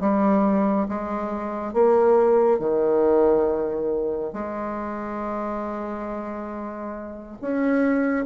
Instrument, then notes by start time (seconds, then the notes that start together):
bassoon
0.00 G3
0.89 G#3
1.74 A#3
2.59 D#3
4.33 G#3
7.41 C#4